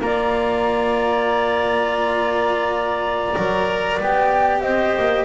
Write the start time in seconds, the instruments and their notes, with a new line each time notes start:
0.00 double bass A#3, cello F4, clarinet D5, flute A#5
3.35 double bass F#3, cello A#4
4.00 double bass B3, cello G4, flute G5
4.61 double bass C4, clarinet C5, flute D#5
4.99 double bass A#3